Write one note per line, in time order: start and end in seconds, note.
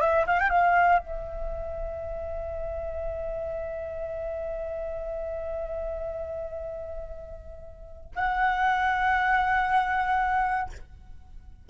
0.00 0.25 E5
0.27 0.39 F5
0.40 0.49 G5
0.49 0.99 F5
0.99 8.11 E5
8.15 10.70 F#5